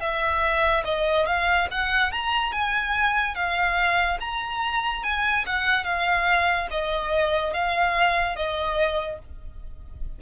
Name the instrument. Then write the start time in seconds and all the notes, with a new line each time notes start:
violin
0.00 E5
0.84 D#5
1.26 F5
1.71 F#5
2.11 A#5
2.52 G#5
3.34 F5
4.20 A#5
5.03 G#5
5.46 F#5
5.84 F5
6.70 D#5
7.53 F5
8.36 D#5